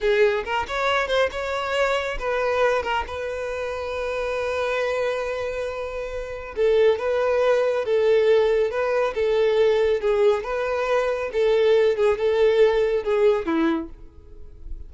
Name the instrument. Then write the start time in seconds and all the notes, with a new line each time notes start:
violin
0.00 G#4
0.44 A#4
0.67 C#5
1.07 C5
1.31 C#5
2.19 B4
2.82 A#4
3.07 B4
6.56 A4
6.99 B4
7.85 A4
8.70 B4
9.14 A4
10.00 G#4
10.43 B4
11.32 A4
11.96 G#4
12.18 A4
13.03 G#4
13.45 E4